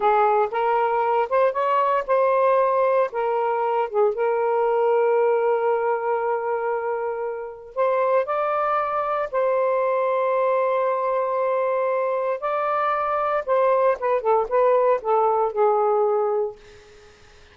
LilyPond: \new Staff \with { instrumentName = "saxophone" } { \time 4/4 \tempo 4 = 116 gis'4 ais'4. c''8 cis''4 | c''2 ais'4. gis'8 | ais'1~ | ais'2. c''4 |
d''2 c''2~ | c''1 | d''2 c''4 b'8 a'8 | b'4 a'4 gis'2 | }